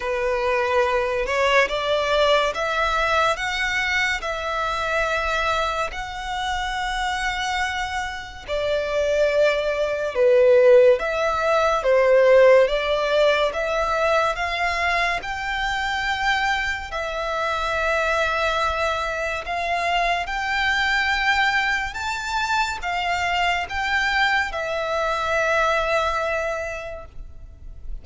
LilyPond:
\new Staff \with { instrumentName = "violin" } { \time 4/4 \tempo 4 = 71 b'4. cis''8 d''4 e''4 | fis''4 e''2 fis''4~ | fis''2 d''2 | b'4 e''4 c''4 d''4 |
e''4 f''4 g''2 | e''2. f''4 | g''2 a''4 f''4 | g''4 e''2. | }